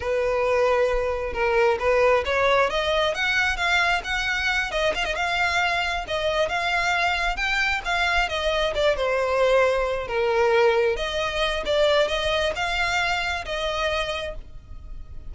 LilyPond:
\new Staff \with { instrumentName = "violin" } { \time 4/4 \tempo 4 = 134 b'2. ais'4 | b'4 cis''4 dis''4 fis''4 | f''4 fis''4. dis''8 f''16 dis''16 f''8~ | f''4. dis''4 f''4.~ |
f''8 g''4 f''4 dis''4 d''8 | c''2~ c''8 ais'4.~ | ais'8 dis''4. d''4 dis''4 | f''2 dis''2 | }